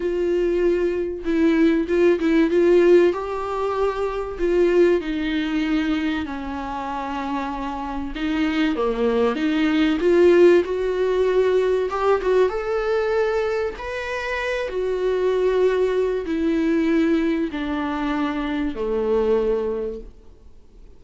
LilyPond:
\new Staff \with { instrumentName = "viola" } { \time 4/4 \tempo 4 = 96 f'2 e'4 f'8 e'8 | f'4 g'2 f'4 | dis'2 cis'2~ | cis'4 dis'4 ais4 dis'4 |
f'4 fis'2 g'8 fis'8 | a'2 b'4. fis'8~ | fis'2 e'2 | d'2 a2 | }